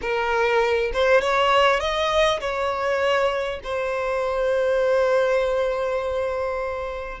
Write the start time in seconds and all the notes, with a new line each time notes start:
0.01 A#4
0.93 C5
1.21 C#5
1.79 D#5
2.40 C#5
3.63 C5